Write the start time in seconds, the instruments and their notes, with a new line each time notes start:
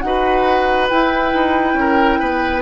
0.00 bassoon D#4, clarinet F#4, flute F#5
0.06 oboe B4
0.89 clarinet E4, bassoon E4, flute G5
1.33 bassoon D#4
1.74 bassoon C#4, oboe A#4
2.19 bassoon B3, oboe B4